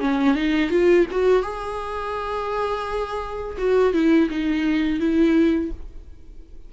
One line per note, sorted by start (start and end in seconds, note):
0.00 0.35 C#4
0.35 0.70 D#4
0.70 1.06 F4
1.11 1.42 F#4
1.42 3.56 G#4
3.57 3.93 F#4
3.93 4.29 E4
4.30 5.00 D#4
5.00 5.71 E4